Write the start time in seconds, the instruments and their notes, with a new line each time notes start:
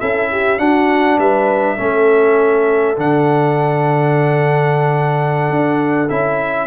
0.00 tuba C#4, trombone E4, horn A4, trumpet E5
0.31 horn G4
0.59 trombone D4, tuba D4, horn F#4, trumpet F#5
1.18 tuba G3, horn B4, trumpet E5
1.77 tuba A3, trombone C#4, horn A4
2.96 tuba D3, trombone D4, trumpet F#5
5.50 tuba D4
6.09 tuba C#4, trombone E4, trumpet E5